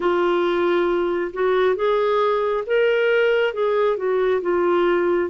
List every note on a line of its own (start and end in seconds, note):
0.00 1.31 F4
1.33 1.75 F#4
1.75 2.64 G#4
2.66 3.53 A#4
3.53 3.97 G#4
3.97 4.41 F#4
4.41 5.29 F4